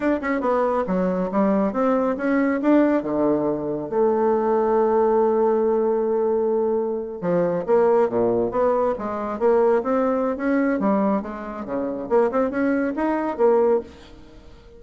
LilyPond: \new Staff \with { instrumentName = "bassoon" } { \time 4/4 \tempo 4 = 139 d'8 cis'8 b4 fis4 g4 | c'4 cis'4 d'4 d4~ | d4 a2.~ | a1~ |
a8. f4 ais4 ais,4 b16~ | b8. gis4 ais4 c'4~ c'16 | cis'4 g4 gis4 cis4 | ais8 c'8 cis'4 dis'4 ais4 | }